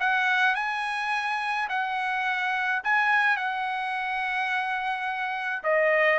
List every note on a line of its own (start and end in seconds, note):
0.00 0.55 F#5
0.55 1.69 G#5
1.69 2.83 F#5
2.84 3.37 G#5
3.37 5.63 F#5
5.64 6.19 D#5